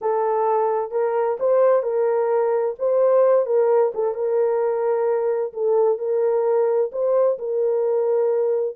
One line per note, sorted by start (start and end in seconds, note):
0.01 0.91 A4
0.91 1.37 A#4
1.39 1.83 C5
1.83 2.75 A#4
2.78 3.46 C5
3.46 3.92 A#4
3.94 4.14 A4
4.14 5.52 A#4
5.53 5.98 A4
5.98 6.90 A#4
6.91 7.38 C5
7.38 8.76 A#4